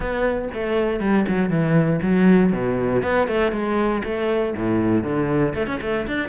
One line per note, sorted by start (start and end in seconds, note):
0.00 0.48 B3
0.53 0.99 A3
0.99 1.25 G3
1.27 1.49 F#3
1.49 2.00 E3
2.02 2.52 F#3
2.52 3.02 B2
3.02 3.27 B3
3.27 3.52 A3
3.52 4.02 G#3
4.04 4.54 A3
4.56 5.03 A2
5.03 5.54 D3
5.54 5.67 A3
5.67 5.79 C#4
5.81 6.06 A3
6.07 6.29 D4